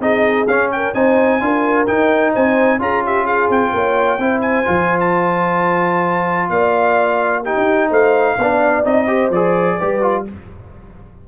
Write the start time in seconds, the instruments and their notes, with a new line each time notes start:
0.00 tuba C4, trombone D#4, horn G#4, trumpet D#5
0.47 tuba C#4, trombone C#4, trumpet F5
0.72 horn A#4, trumpet G5
0.94 tuba C4, trombone D#4, horn C5, trumpet G#5
1.41 tuba D4, trombone F4, horn A#4
1.87 trombone D#4, tuba D#4, trumpet G5
2.33 tuba C4, horn C5, trumpet G#5
2.79 tuba C#4, trombone F4, horn G#4, trumpet A#5
3.05 horn G4, trumpet E5
3.24 horn G#4, trumpet F5
3.49 tuba C4, trumpet G5
3.73 tuba A#3, horn C#5
4.19 tuba C4, trombone E4, horn C5
4.41 trumpet G#5
4.65 tuba F3, trombone F4
5.00 trumpet A5
6.50 tuba A#3, horn D5, trumpet F5
7.44 trombone D#4, horn G4, trumpet G5
7.57 tuba D#4
7.89 tuba A3, horn C5, trumpet F5
8.38 tuba B3, trombone D4, horn D5
8.84 tuba C4, trombone D#4, trumpet D#5
9.07 trombone G4, horn C5
9.30 tuba F3, trombone G#4, trumpet D5
9.78 tuba G3, trombone G4, horn B4
10.01 trombone F4